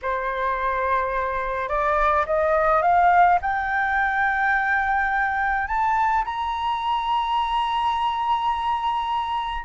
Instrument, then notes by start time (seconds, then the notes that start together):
flute
0.02 C5
1.68 D5
2.25 D#5
2.81 F5
3.41 G5
5.67 A5
6.24 A#5